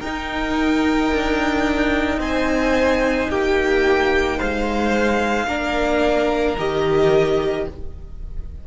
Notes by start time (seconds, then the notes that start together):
0.00 D#4 A#4 G5
1.14 D4
2.18 C4 C5 G#5
3.30 A#3 G4 G5
4.37 G#3 C5 F5
5.47 A#3 D4 A#4
6.58 D#3 G4 D#5